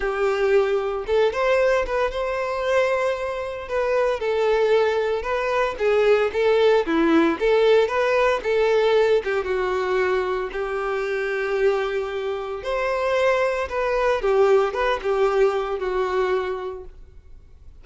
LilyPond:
\new Staff \with { instrumentName = "violin" } { \time 4/4 \tempo 4 = 114 g'2 a'8 c''4 b'8 | c''2. b'4 | a'2 b'4 gis'4 | a'4 e'4 a'4 b'4 |
a'4. g'8 fis'2 | g'1 | c''2 b'4 g'4 | b'8 g'4. fis'2 | }